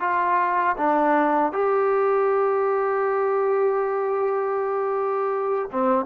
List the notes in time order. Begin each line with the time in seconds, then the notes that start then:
0.00 F4
0.77 D4
1.52 G4
5.71 C4